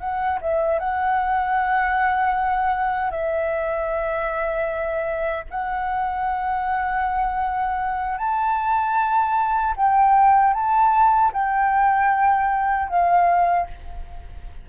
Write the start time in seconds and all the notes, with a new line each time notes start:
0.00 F#5
0.41 E5
0.79 F#5
3.11 E5
5.50 F#5
8.19 A5
9.77 G5
10.54 A5
11.33 G5
12.89 F5